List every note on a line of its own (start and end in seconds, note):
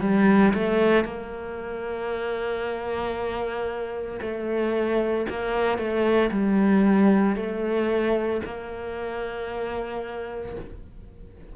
0.00 0.53 G3
0.54 1.04 A3
1.04 4.20 A#3
4.21 5.26 A3
5.29 5.78 A#3
5.78 6.30 A3
6.31 7.36 G3
7.36 8.41 A3
8.44 10.55 A#3